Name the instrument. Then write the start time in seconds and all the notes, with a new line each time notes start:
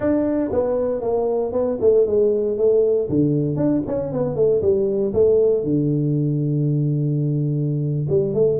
tuba
0.00 D4
0.52 B3
1.01 A#3
1.52 B3
1.80 A3
2.06 G#3
2.57 A3
3.09 D3
3.56 D4
3.86 C#4
4.12 B3
4.35 A3
4.61 G3
5.13 A3
5.63 D3
8.09 G3
8.34 A3